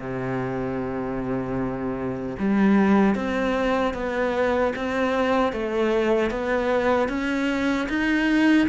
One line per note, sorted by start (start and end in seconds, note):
0.00 2.37 C3
2.39 3.15 G3
3.15 3.94 C4
3.94 4.73 B3
4.77 5.53 C4
5.53 6.31 A3
6.31 7.09 B3
7.09 7.88 C#4
7.89 8.68 D#4